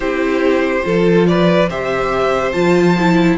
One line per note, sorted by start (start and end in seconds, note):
0.00 0.83 C4
0.00 0.82 E4
0.00 0.84 G4
0.00 1.25 C5
0.82 1.70 F3
0.82 1.66 F4
0.82 1.27 A4
1.27 1.69 B4
1.27 1.69 D5
1.69 2.54 C3
1.69 2.53 G4
1.69 3.37 C5
1.69 2.52 E5
2.52 3.37 F3
2.52 2.95 F4
2.52 3.36 A5
2.98 3.37 E4